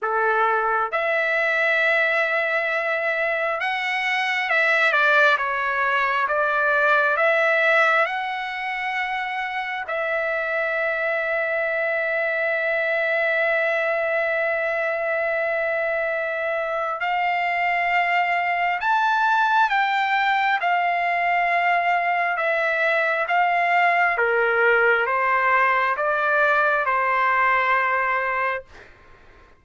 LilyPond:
\new Staff \with { instrumentName = "trumpet" } { \time 4/4 \tempo 4 = 67 a'4 e''2. | fis''4 e''8 d''8 cis''4 d''4 | e''4 fis''2 e''4~ | e''1~ |
e''2. f''4~ | f''4 a''4 g''4 f''4~ | f''4 e''4 f''4 ais'4 | c''4 d''4 c''2 | }